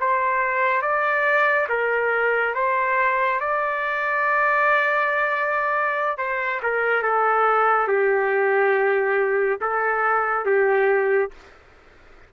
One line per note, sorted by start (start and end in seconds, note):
0.00 0.82 C5
0.82 1.68 D5
1.69 2.55 A#4
2.55 3.40 C5
3.40 6.18 D5
6.18 6.60 C5
6.63 7.02 A#4
7.02 7.88 A4
7.88 9.59 G4
9.61 10.45 A4
10.45 11.31 G4